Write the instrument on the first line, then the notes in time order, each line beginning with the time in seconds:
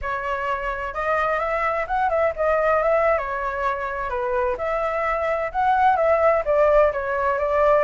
flute
0.01 C#5
0.94 D#5
1.39 E5
1.87 F#5
2.09 E5
2.35 D#5
2.82 E5
3.17 C#5
4.09 B4
4.57 E5
5.52 F#5
5.96 E5
6.45 D5
6.92 C#5
7.38 D5